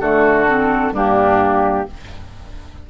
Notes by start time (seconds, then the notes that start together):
0.00 D3 A3 F#4 A4
0.47 C4
0.92 G2 A#3 D4 G4